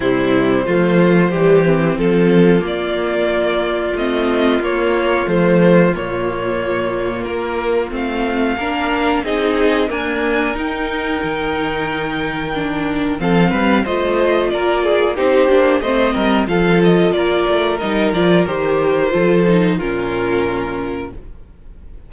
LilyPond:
<<
  \new Staff \with { instrumentName = "violin" } { \time 4/4 \tempo 4 = 91 c''2. a'4 | d''2 dis''4 cis''4 | c''4 cis''2 ais'4 | f''2 dis''4 gis''4 |
g''1 | f''4 dis''4 d''4 c''4 | dis''4 f''8 dis''8 d''4 dis''8 d''8 | c''2 ais'2 | }
  \new Staff \with { instrumentName = "violin" } { \time 4/4 e'4 f'4 g'4 f'4~ | f'1~ | f'1~ | f'4 ais'4 gis'4 ais'4~ |
ais'1 | a'8 b'8 c''4 ais'8 gis'8 g'4 | c''8 ais'8 a'4 ais'2~ | ais'4 a'4 f'2 | }
  \new Staff \with { instrumentName = "viola" } { \time 4/4 g4 a4 g8 c'4. | ais2 c'4 ais4 | a4 ais2. | c'4 d'4 dis'4 ais4 |
dis'2. d'4 | c'4 f'2 dis'8 d'8 | c'4 f'2 dis'8 f'8 | g'4 f'8 dis'8 cis'2 | }
  \new Staff \with { instrumentName = "cello" } { \time 4/4 c4 f4 e4 f4 | ais2 a4 ais4 | f4 ais,2 ais4 | a4 ais4 c'4 d'4 |
dis'4 dis2. | f8 g8 a4 ais4 c'8 ais8 | a8 g8 f4 ais8 a8 g8 f8 | dis4 f4 ais,2 | }
>>